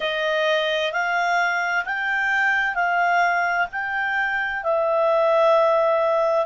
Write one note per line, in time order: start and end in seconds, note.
0.00 0.92 D#5
0.92 1.85 F5
1.85 2.74 G5
2.74 3.67 F5
3.72 4.63 G5
4.63 6.45 E5